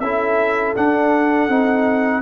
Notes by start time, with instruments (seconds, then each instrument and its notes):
0.00 tuba C#4, trombone E4, horn A4, trumpet E5
0.76 trombone D4, tuba D4, trumpet F#5
1.48 tuba C4, trombone D#4